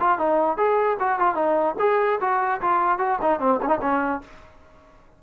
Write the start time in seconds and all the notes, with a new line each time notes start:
0.00 F4
0.18 D#4
0.57 G#4
1.00 F#4
1.19 F4
1.35 D#4
1.79 G#4
2.20 F#4
2.61 F4
2.99 F#4
3.22 D#4
3.40 C4
3.62 C#4 D#4
3.81 C#4